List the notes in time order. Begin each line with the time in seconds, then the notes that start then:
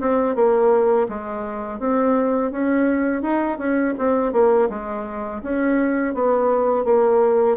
0.00 C4
0.35 A#3
1.08 G#3
1.79 C4
2.51 C#4
3.22 D#4
3.58 C#4
3.98 C4
4.32 A#3
4.69 G#3
5.42 C#4
6.14 B3
6.84 A#3